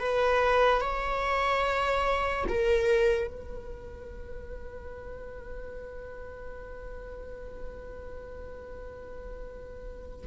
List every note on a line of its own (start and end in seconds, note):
0.00 0.81 B4
0.81 2.46 C#5
2.49 3.28 A#4
3.28 10.27 B4